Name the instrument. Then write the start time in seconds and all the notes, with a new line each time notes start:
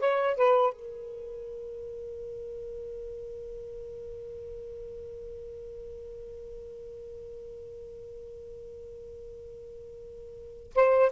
saxophone
0.00 C#5
0.37 B4
0.73 A#4
10.75 C5